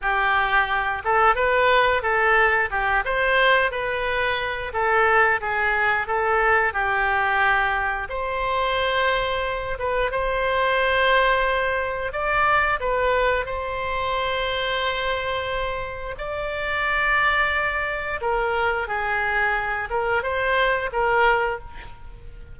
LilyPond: \new Staff \with { instrumentName = "oboe" } { \time 4/4 \tempo 4 = 89 g'4. a'8 b'4 a'4 | g'8 c''4 b'4. a'4 | gis'4 a'4 g'2 | c''2~ c''8 b'8 c''4~ |
c''2 d''4 b'4 | c''1 | d''2. ais'4 | gis'4. ais'8 c''4 ais'4 | }